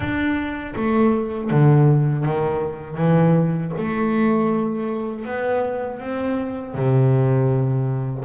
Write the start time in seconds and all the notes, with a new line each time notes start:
0.00 D4
0.75 A3
1.50 D3
2.24 D#3
2.97 E3
3.77 A3
5.25 B3
5.99 C4
6.74 C3